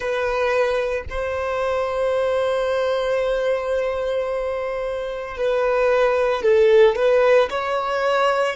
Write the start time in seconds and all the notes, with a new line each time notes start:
0.00 B4
1.10 C5
5.37 B4
6.42 A4
6.95 B4
7.50 C#5